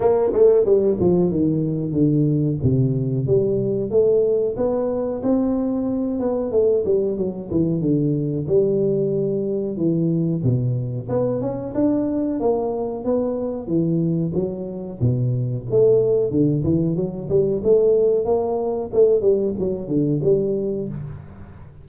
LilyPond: \new Staff \with { instrumentName = "tuba" } { \time 4/4 \tempo 4 = 92 ais8 a8 g8 f8 dis4 d4 | c4 g4 a4 b4 | c'4. b8 a8 g8 fis8 e8 | d4 g2 e4 |
b,4 b8 cis'8 d'4 ais4 | b4 e4 fis4 b,4 | a4 d8 e8 fis8 g8 a4 | ais4 a8 g8 fis8 d8 g4 | }